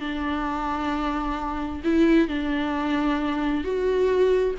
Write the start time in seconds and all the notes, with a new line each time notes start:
0.00 D4
1.84 E4
2.28 D4
3.64 F#4